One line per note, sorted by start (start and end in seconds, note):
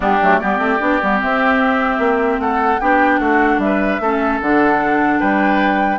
0.00 0.19 G3
0.00 0.19 B3
0.00 0.39 D4
0.00 0.39 G4
0.21 0.41 F#3
0.21 0.42 A3
0.39 0.58 G3
0.39 0.57 B3
0.39 2.41 G4
0.39 1.19 D5
0.57 0.78 A3
0.57 0.77 C4
0.79 1.01 B3
0.79 0.99 D4
1.02 1.22 G3
1.02 1.17 B3
1.17 2.77 C4
1.17 1.98 C4
1.17 2.40 E5
1.98 2.38 A#3
2.39 2.79 A3
2.39 2.81 A4
2.39 2.80 F#5
2.80 3.19 B3
2.80 4.01 D4
2.80 3.20 G4
2.80 3.19 G5
3.19 3.58 A3
3.19 3.60 F#4
3.19 3.59 F#5
3.58 3.98 G3
3.58 4.39 E5
3.64 4.01 B4
3.99 4.39 A3
3.99 4.42 C#4
3.99 5.19 A4
4.41 5.21 D3
4.41 5.98 D4
4.41 5.19 F#5
5.19 5.98 G3
5.19 5.98 B4
5.19 5.98 G5